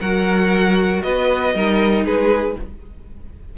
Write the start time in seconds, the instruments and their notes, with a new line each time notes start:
0.00 cello F#3, viola F#4, violin A#4 F#5
1.02 cello B3, violin B4 D#5
1.54 cello G3, viola D#4, violin A#4
2.04 cello G#3, violin G#4 B4